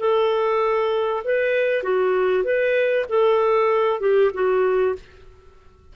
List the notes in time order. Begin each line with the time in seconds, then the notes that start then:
0.00 A4
1.25 B4
1.83 F#4
2.44 B4
3.09 A4
4.01 G4
4.34 F#4